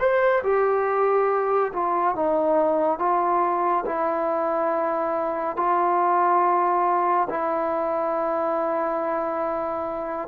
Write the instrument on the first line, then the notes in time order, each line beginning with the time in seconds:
trombone
0.00 C5
0.44 G4
1.73 F4
2.15 D#4
2.99 F4
3.86 E4
5.57 F4
7.30 E4